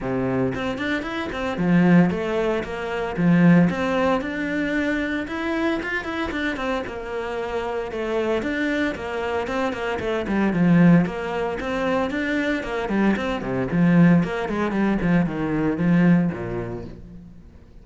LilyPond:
\new Staff \with { instrumentName = "cello" } { \time 4/4 \tempo 4 = 114 c4 c'8 d'8 e'8 c'8 f4 | a4 ais4 f4 c'4 | d'2 e'4 f'8 e'8 | d'8 c'8 ais2 a4 |
d'4 ais4 c'8 ais8 a8 g8 | f4 ais4 c'4 d'4 | ais8 g8 c'8 c8 f4 ais8 gis8 | g8 f8 dis4 f4 ais,4 | }